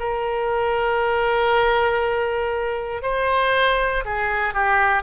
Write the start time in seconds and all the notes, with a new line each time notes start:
0.00 A#4
3.03 C5
4.05 G#4
4.54 G4